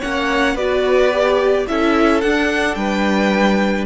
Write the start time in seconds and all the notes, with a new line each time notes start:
0.00 A#3 C#4 C#5 F#5
0.55 B3 F#4 B4 D5
1.12 G4
1.68 C#4 E4 A4 E5
2.21 D4 F#5
2.75 G3 B4 G5